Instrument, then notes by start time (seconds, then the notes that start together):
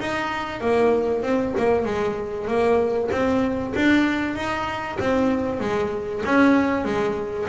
double bass
0.00 D#4
0.61 A#3
1.23 C4
1.58 A#3
1.86 G#3
2.48 A#3
3.12 C4
3.76 D4
4.36 D#4
5.00 C4
5.60 G#3
6.26 C#4
6.85 G#3